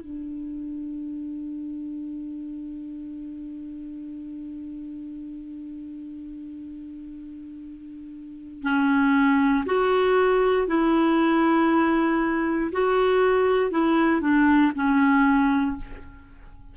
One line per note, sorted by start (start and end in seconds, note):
0.00 8.62 D4
8.62 9.64 C#4
9.66 10.67 F#4
10.67 12.71 E4
12.72 13.71 F#4
13.71 14.21 E4
14.21 14.72 D4
14.75 15.76 C#4